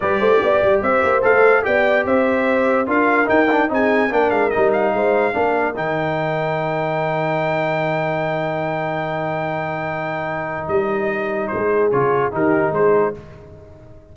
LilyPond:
<<
  \new Staff \with { instrumentName = "trumpet" } { \time 4/4 \tempo 4 = 146 d''2 e''4 f''4 | g''4 e''2 f''4 | g''4 gis''4 g''8 f''8 dis''8 f''8~ | f''2 g''2~ |
g''1~ | g''1~ | g''2 dis''2 | c''4 cis''4 ais'4 c''4 | }
  \new Staff \with { instrumentName = "horn" } { \time 4/4 b'8 c''8 d''4 c''2 | d''4 c''2 ais'4~ | ais'4 gis'4 ais'2 | c''4 ais'2.~ |
ais'1~ | ais'1~ | ais'1 | gis'2 g'4 gis'4 | }
  \new Staff \with { instrumentName = "trombone" } { \time 4/4 g'2. a'4 | g'2. f'4 | dis'8 d'8 dis'4 d'4 dis'4~ | dis'4 d'4 dis'2~ |
dis'1~ | dis'1~ | dis'1~ | dis'4 f'4 dis'2 | }
  \new Staff \with { instrumentName = "tuba" } { \time 4/4 g8 a8 b8 g8 c'8 ais8 a4 | b4 c'2 d'4 | dis'4 c'4 ais8 gis8 g4 | gis4 ais4 dis2~ |
dis1~ | dis1~ | dis2 g2 | gis4 cis4 dis4 gis4 | }
>>